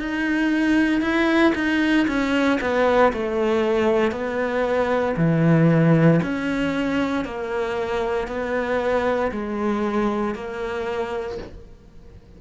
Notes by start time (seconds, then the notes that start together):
0.00 D#4
1.01 E4
1.55 D#4
2.08 C#4
2.61 B3
3.13 A3
4.12 B3
5.17 E3
6.23 C#4
7.25 A#3
8.28 B3
9.32 G#3
10.35 A#3